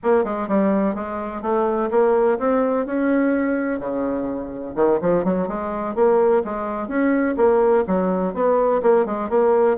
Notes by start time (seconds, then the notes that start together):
0.03 A#3
0.24 G#3
0.48 G3
0.95 G#3
1.42 A3
1.90 A#3
2.39 C4
2.85 C#4
3.79 C#3
4.75 D#3
5.01 F3
5.24 F#3
5.48 G#3
5.95 A#3
6.44 G#3
6.87 C#4
7.36 A#3
7.87 F#3
8.33 B3
8.82 A#3
9.05 G#3
9.29 A#3